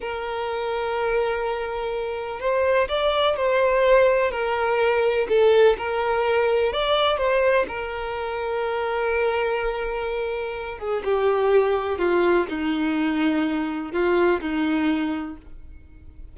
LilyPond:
\new Staff \with { instrumentName = "violin" } { \time 4/4 \tempo 4 = 125 ais'1~ | ais'4 c''4 d''4 c''4~ | c''4 ais'2 a'4 | ais'2 d''4 c''4 |
ais'1~ | ais'2~ ais'8 gis'8 g'4~ | g'4 f'4 dis'2~ | dis'4 f'4 dis'2 | }